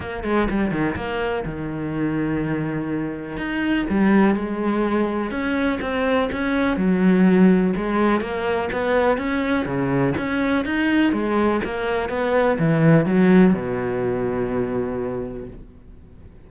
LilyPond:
\new Staff \with { instrumentName = "cello" } { \time 4/4 \tempo 4 = 124 ais8 gis8 g8 dis8 ais4 dis4~ | dis2. dis'4 | g4 gis2 cis'4 | c'4 cis'4 fis2 |
gis4 ais4 b4 cis'4 | cis4 cis'4 dis'4 gis4 | ais4 b4 e4 fis4 | b,1 | }